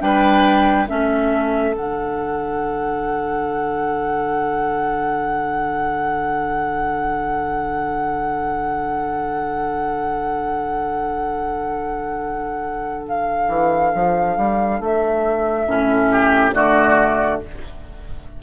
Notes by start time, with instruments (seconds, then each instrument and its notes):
0.00 bassoon G3, clarinet D4, oboe B4, flute G5
0.88 bassoon A3, clarinet C#4, oboe A4, flute E5
1.75 bassoon D3, clarinet D4, flute F#5
13.08 flute F5
13.48 bassoon E3
13.95 bassoon F3
14.38 bassoon G3
14.80 bassoon A3, flute E5
15.68 bassoon A2, clarinet C#4
16.11 oboe G4
16.53 bassoon D3, clarinet A3, oboe F#4, flute D5